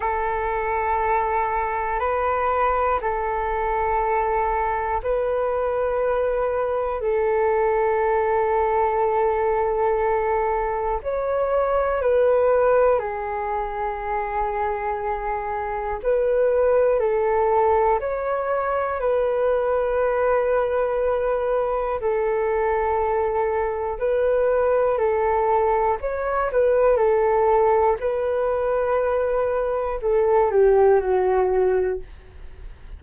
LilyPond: \new Staff \with { instrumentName = "flute" } { \time 4/4 \tempo 4 = 60 a'2 b'4 a'4~ | a'4 b'2 a'4~ | a'2. cis''4 | b'4 gis'2. |
b'4 a'4 cis''4 b'4~ | b'2 a'2 | b'4 a'4 cis''8 b'8 a'4 | b'2 a'8 g'8 fis'4 | }